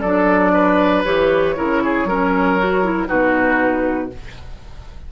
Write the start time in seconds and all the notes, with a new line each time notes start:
0.00 F#3 D4 A4 D5
0.53 B4
1.04 E3 G4 C#5
1.56 C#3 E4 A#4
1.84 G#4
2.04 F#3 C#4 A#4
2.58 F#4
2.83 E4
3.07 B2 D#4 F#4 B4